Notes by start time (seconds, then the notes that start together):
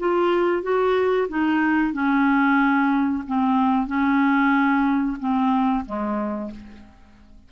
0.00 F4
0.63 F#4
1.29 D#4
1.93 C#4
3.28 C4
3.87 C#4
5.20 C4
5.86 G#3